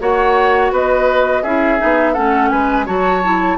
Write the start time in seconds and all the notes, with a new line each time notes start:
0.00 A#3 F#4 C#5 F#5
0.71 B3 B4 D#5
1.43 C#4 E4 G#4 E5
1.79 B3 D#4
2.13 A3 C#4 A4 F#5
2.49 G#3 B4 G#5
2.86 F#3 F#4 C#5 A5
3.24 E4